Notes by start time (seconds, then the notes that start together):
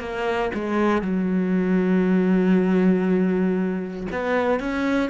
0.00 A#3
0.54 G#3
1.02 F#3
4.11 B3
4.60 C#4